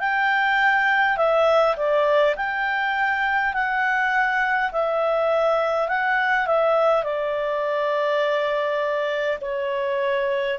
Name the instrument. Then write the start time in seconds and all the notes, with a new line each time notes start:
clarinet
0.00 G5
1.18 E5
1.77 D5
2.37 G5
3.53 F#5
4.72 E5
5.88 F#5
6.47 E5
7.04 D5
9.41 C#5